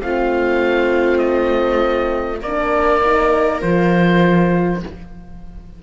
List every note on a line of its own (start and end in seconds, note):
0.00 2.42 A3
0.00 2.40 C4
0.00 2.41 F4
0.00 1.19 F5
1.19 2.39 D#5
2.41 3.62 A#3
2.41 3.02 D4
2.41 4.81 A#4
2.41 3.62 D5
3.02 3.61 D#4
3.61 4.83 F3
3.61 4.81 F4
3.61 4.82 C5